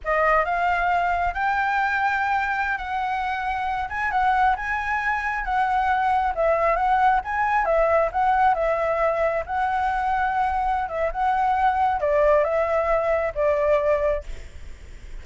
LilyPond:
\new Staff \with { instrumentName = "flute" } { \time 4/4 \tempo 4 = 135 dis''4 f''2 g''4~ | g''2~ g''16 fis''4.~ fis''16~ | fis''8. gis''8 fis''4 gis''4.~ gis''16~ | gis''16 fis''2 e''4 fis''8.~ |
fis''16 gis''4 e''4 fis''4 e''8.~ | e''4~ e''16 fis''2~ fis''8.~ | fis''8 e''8 fis''2 d''4 | e''2 d''2 | }